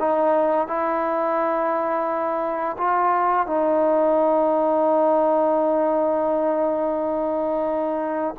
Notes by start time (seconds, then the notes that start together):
0.00 D#4
0.68 E4
2.78 F4
3.47 D#4